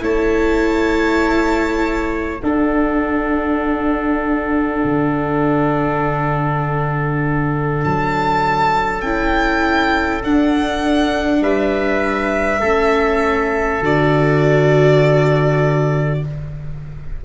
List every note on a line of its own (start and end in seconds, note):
0.00 2.41 A3
0.00 2.40 E4
0.00 2.43 C#5
0.00 2.41 A5
2.41 4.83 D4
2.41 9.03 D4
2.41 11.42 A4
2.41 7.81 F#5
4.84 7.84 D3
7.84 9.02 F#3
7.84 9.01 A5
9.01 10.22 C#4
9.01 10.22 E4
9.01 10.21 G5
10.22 12.62 D4
10.22 11.41 D4
10.22 11.43 F#5
11.41 12.61 G3
11.41 12.60 B4
11.41 13.83 E5
12.60 13.80 A3
12.60 13.82 C#4
12.60 16.20 A4
13.80 16.21 D3
13.80 16.22 F#4
13.80 16.25 D5